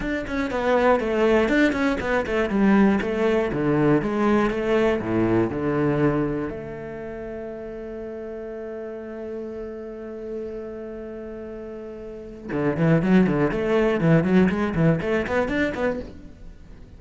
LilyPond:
\new Staff \with { instrumentName = "cello" } { \time 4/4 \tempo 4 = 120 d'8 cis'8 b4 a4 d'8 cis'8 | b8 a8 g4 a4 d4 | gis4 a4 a,4 d4~ | d4 a2.~ |
a1~ | a1~ | a4 d8 e8 fis8 d8 a4 | e8 fis8 gis8 e8 a8 b8 d'8 b8 | }